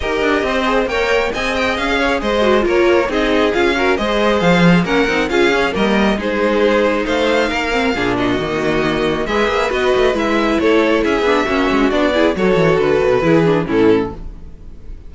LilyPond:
<<
  \new Staff \with { instrumentName = "violin" } { \time 4/4 \tempo 4 = 136 dis''2 g''4 gis''8 g''8 | f''4 dis''4 cis''4 dis''4 | f''4 dis''4 f''4 fis''4 | f''4 dis''4 c''2 |
f''2~ f''8 dis''4.~ | dis''4 e''4 dis''4 e''4 | cis''4 e''2 d''4 | cis''4 b'2 a'4 | }
  \new Staff \with { instrumentName = "violin" } { \time 4/4 ais'4 c''4 cis''4 dis''4~ | dis''8 cis''8 c''4 ais'4 gis'4~ | gis'8 ais'8 c''2 ais'4 | gis'4 ais'4 gis'2 |
c''4 ais'4 gis'8 fis'4.~ | fis'4 b'2. | a'4 gis'4 fis'4. gis'8 | a'2 gis'4 e'4 | }
  \new Staff \with { instrumentName = "viola" } { \time 4/4 g'4. gis'8 ais'4 gis'4~ | gis'4. fis'8 f'4 dis'4 | f'8 fis'8 gis'2 cis'8 dis'8 | f'8 cis'8 ais4 dis'2~ |
dis'4. c'8 d'4 ais4~ | ais4 gis'4 fis'4 e'4~ | e'4. d'8 cis'4 d'8 e'8 | fis'2 e'8 d'8 cis'4 | }
  \new Staff \with { instrumentName = "cello" } { \time 4/4 dis'8 d'8 c'4 ais4 c'4 | cis'4 gis4 ais4 c'4 | cis'4 gis4 f4 ais8 c'8 | cis'4 g4 gis2 |
a4 ais4 ais,4 dis4~ | dis4 gis8 ais8 b8 a8 gis4 | a4 cis'8 b8 ais8 gis8 b4 | fis8 e8 d8 b,8 e4 a,4 | }
>>